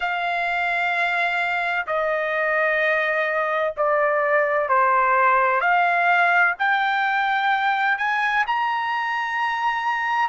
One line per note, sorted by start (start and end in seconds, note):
0.00 1.86 F5
1.87 3.74 D#5
3.77 4.69 D5
4.69 5.60 C5
5.60 6.54 F5
6.59 7.97 G5
7.97 8.44 G#5
8.46 10.28 A#5